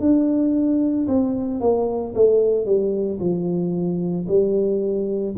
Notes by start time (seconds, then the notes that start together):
0.00 D4
1.08 C4
1.60 A#3
2.15 A3
2.65 G3
3.19 F3
4.28 G3